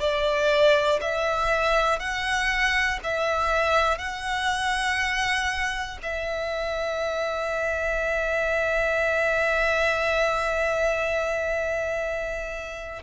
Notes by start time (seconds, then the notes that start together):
0.00 D5
1.01 E5
1.99 F#5
3.03 E5
3.98 F#5
6.03 E5